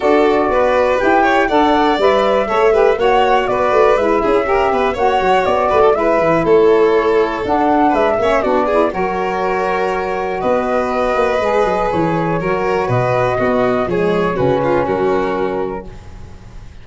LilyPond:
<<
  \new Staff \with { instrumentName = "flute" } { \time 4/4 \tempo 4 = 121 d''2 g''4 fis''4 | e''2 fis''4 d''4 | e''2 fis''4 d''4 | e''4 cis''2 fis''4 |
e''4 d''4 cis''2~ | cis''4 dis''2. | cis''2 dis''2 | cis''4 b'4 ais'2 | }
  \new Staff \with { instrumentName = "violin" } { \time 4/4 a'4 b'4. cis''8 d''4~ | d''4 cis''8 b'8 cis''4 b'4~ | b'8 gis'8 ais'8 b'8 cis''4. b'16 a'16 | b'4 a'2. |
b'8 cis''8 fis'8 gis'8 ais'2~ | ais'4 b'2.~ | b'4 ais'4 b'4 fis'4 | gis'4 fis'8 f'8 fis'2 | }
  \new Staff \with { instrumentName = "saxophone" } { \time 4/4 fis'2 g'4 a'4 | b'4 a'8 g'8 fis'2 | e'4 g'4 fis'2 | e'2. d'4~ |
d'8 cis'8 d'8 e'8 fis'2~ | fis'2. gis'4~ | gis'4 fis'2 b4 | gis4 cis'2. | }
  \new Staff \with { instrumentName = "tuba" } { \time 4/4 d'4 b4 e'4 d'4 | g4 a4 ais4 b8 a8 | gis8 cis'4 b8 ais8 fis8 b8 a8 | gis8 e8 a2 d'4 |
gis8 ais8 b4 fis2~ | fis4 b4. ais8 gis8 fis8 | e4 fis4 b,4 b4 | f4 cis4 fis2 | }
>>